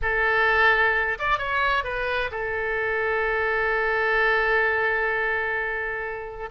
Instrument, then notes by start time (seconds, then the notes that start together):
oboe
0.02 A4
1.18 D5
1.38 C#5
1.84 B4
2.31 A4